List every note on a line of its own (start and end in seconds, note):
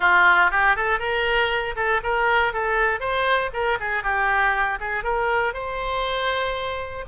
0.00 0.50 F4
0.50 0.76 G4
0.76 0.99 A4
0.99 1.74 A#4
1.76 2.01 A4
2.03 2.53 A#4
2.53 3.00 A4
3.00 3.50 C5
3.53 3.78 A#4
3.80 4.03 G#4
4.03 4.78 G4
4.80 5.03 G#4
5.03 5.53 A#4
5.53 7.04 C5